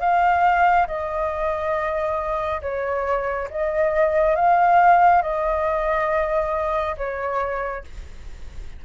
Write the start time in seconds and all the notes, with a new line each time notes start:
0.00 F5
0.87 D#5
2.62 C#5
3.50 D#5
4.36 F5
5.22 D#5
6.97 C#5